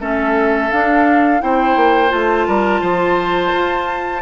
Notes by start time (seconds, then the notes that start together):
0.00 A3 C#4 A4 E5
0.71 D4 F5
1.39 C4 E4 C5 G5
1.76 A#3
2.08 A3 F4 A5
2.47 G3 A#4
2.81 F3 C5
3.53 F4